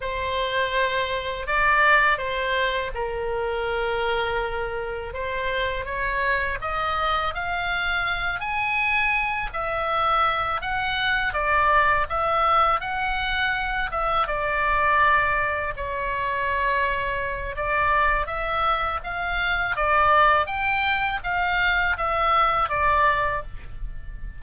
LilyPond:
\new Staff \with { instrumentName = "oboe" } { \time 4/4 \tempo 4 = 82 c''2 d''4 c''4 | ais'2. c''4 | cis''4 dis''4 f''4. gis''8~ | gis''4 e''4. fis''4 d''8~ |
d''8 e''4 fis''4. e''8 d''8~ | d''4. cis''2~ cis''8 | d''4 e''4 f''4 d''4 | g''4 f''4 e''4 d''4 | }